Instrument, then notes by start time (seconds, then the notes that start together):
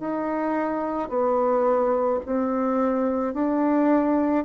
bassoon
0.00 D#4
1.09 B3
2.26 C4
3.34 D4